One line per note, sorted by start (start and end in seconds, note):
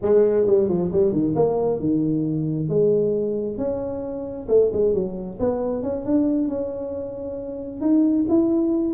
0.02 0.46 G#3
0.46 0.68 G3
0.68 0.91 F3
0.92 1.12 G3
1.12 1.35 D#3
1.35 1.79 A#3
1.79 2.68 D#3
2.68 3.57 G#3
3.57 4.47 C#4
4.48 4.70 A3
4.72 4.94 G#3
4.94 5.38 F#3
5.39 5.82 B3
5.82 6.05 C#4
6.05 6.48 D4
6.48 7.81 C#4
7.81 8.25 D#4
8.28 8.94 E4